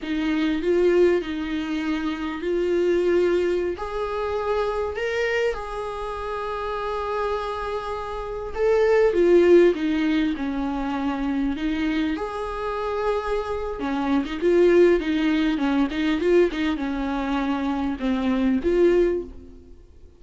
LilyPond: \new Staff \with { instrumentName = "viola" } { \time 4/4 \tempo 4 = 100 dis'4 f'4 dis'2 | f'2~ f'16 gis'4.~ gis'16~ | gis'16 ais'4 gis'2~ gis'8.~ | gis'2~ gis'16 a'4 f'8.~ |
f'16 dis'4 cis'2 dis'8.~ | dis'16 gis'2~ gis'8. cis'8. dis'16 | f'4 dis'4 cis'8 dis'8 f'8 dis'8 | cis'2 c'4 f'4 | }